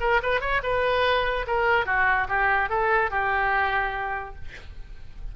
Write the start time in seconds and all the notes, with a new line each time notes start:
0.00 A#4
0.22 B4
0.40 C#5
0.63 B4
1.47 A#4
1.86 F#4
2.28 G4
2.69 A4
3.11 G4